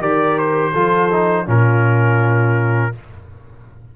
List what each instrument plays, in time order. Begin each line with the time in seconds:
0.00 tuba D#3, trombone G4, horn A#4, trumpet D5
0.38 trumpet C5
0.72 tuba F3, trombone F4, horn A4
1.11 trombone D#4
1.46 tuba A#2, trombone C#4, horn F4, trumpet A#4